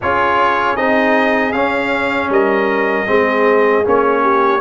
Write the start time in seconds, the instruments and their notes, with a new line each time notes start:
0.01 tuba C#4, trombone F4, horn G#4, trumpet C#5
0.76 tuba C4, trombone D#4, trumpet D#5
1.52 tuba C#4, trombone C#4, trumpet F5
2.29 tuba G3, horn A#4, trumpet D#5
3.06 tuba G#3, trombone C4, horn G#4
3.84 tuba A#3, trombone C#4, trumpet C#5
4.22 horn G4